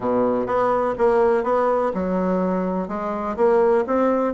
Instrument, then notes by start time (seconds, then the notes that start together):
bassoon
0.00 B2
0.46 B3
0.98 A#3
1.43 B3
1.94 F#3
2.88 G#3
3.36 A#3
3.86 C4